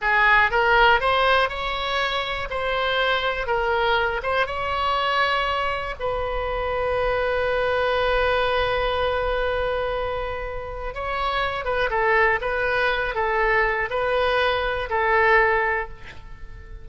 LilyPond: \new Staff \with { instrumentName = "oboe" } { \time 4/4 \tempo 4 = 121 gis'4 ais'4 c''4 cis''4~ | cis''4 c''2 ais'4~ | ais'8 c''8 cis''2. | b'1~ |
b'1~ | b'2 cis''4. b'8 | a'4 b'4. a'4. | b'2 a'2 | }